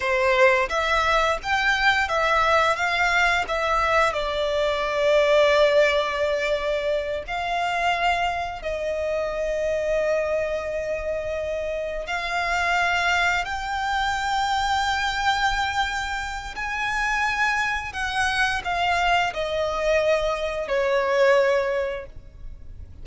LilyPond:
\new Staff \with { instrumentName = "violin" } { \time 4/4 \tempo 4 = 87 c''4 e''4 g''4 e''4 | f''4 e''4 d''2~ | d''2~ d''8 f''4.~ | f''8 dis''2.~ dis''8~ |
dis''4. f''2 g''8~ | g''1 | gis''2 fis''4 f''4 | dis''2 cis''2 | }